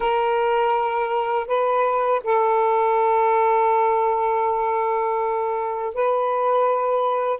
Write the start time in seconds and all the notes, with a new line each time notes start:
0.00 A#4
1.47 B4
2.24 A4
5.94 B4